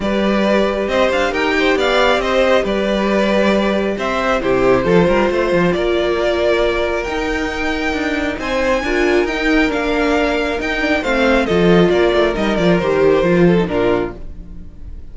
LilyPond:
<<
  \new Staff \with { instrumentName = "violin" } { \time 4/4 \tempo 4 = 136 d''2 dis''8 f''8 g''4 | f''4 dis''4 d''2~ | d''4 e''4 c''2~ | c''4 d''2. |
g''2. gis''4~ | gis''4 g''4 f''2 | g''4 f''4 dis''4 d''4 | dis''8 d''8 c''2 ais'4 | }
  \new Staff \with { instrumentName = "violin" } { \time 4/4 b'2 c''4 ais'8 c''8 | d''4 c''4 b'2~ | b'4 c''4 g'4 a'8 ais'8 | c''4 ais'2.~ |
ais'2. c''4 | ais'1~ | ais'4 c''4 a'4 ais'4~ | ais'2~ ais'8 a'8 f'4 | }
  \new Staff \with { instrumentName = "viola" } { \time 4/4 g'1~ | g'1~ | g'2 e'4 f'4~ | f'1 |
dis'1 | f'4 dis'4 d'2 | dis'8 d'8 c'4 f'2 | dis'8 f'8 g'4 f'8. dis'16 d'4 | }
  \new Staff \with { instrumentName = "cello" } { \time 4/4 g2 c'8 d'8 dis'4 | b4 c'4 g2~ | g4 c'4 c4 f8 g8 | a8 f8 ais2. |
dis'2 d'4 c'4 | d'4 dis'4 ais2 | dis'4 a4 f4 ais8 a8 | g8 f8 dis4 f4 ais,4 | }
>>